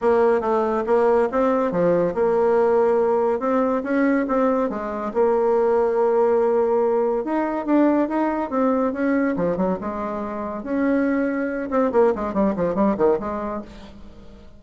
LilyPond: \new Staff \with { instrumentName = "bassoon" } { \time 4/4 \tempo 4 = 141 ais4 a4 ais4 c'4 | f4 ais2. | c'4 cis'4 c'4 gis4 | ais1~ |
ais4 dis'4 d'4 dis'4 | c'4 cis'4 f8 fis8 gis4~ | gis4 cis'2~ cis'8 c'8 | ais8 gis8 g8 f8 g8 dis8 gis4 | }